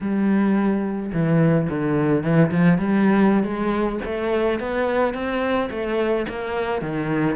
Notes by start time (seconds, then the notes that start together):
0.00 G3
1.13 E3
1.69 D3
2.23 E3
2.51 F3
2.78 G3
3.43 G#3
4.05 A3
4.59 B3
5.14 C4
5.70 A3
6.28 A#3
6.81 D#3